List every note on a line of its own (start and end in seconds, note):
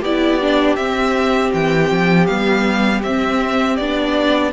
0.00 0.77 B3
0.00 0.41 E4
0.00 4.50 G4
0.00 0.76 D5
0.41 0.77 D4
0.76 1.52 C4
0.76 2.27 C4
0.76 1.51 E5
1.53 1.91 E3
1.53 2.26 G5
1.91 2.29 F3
2.26 3.03 G3
2.26 3.03 B3
2.26 3.01 F5
3.03 3.78 C4
3.03 3.80 C4
3.03 3.76 E5
3.76 4.52 B3
3.76 4.52 D4
3.76 4.51 D5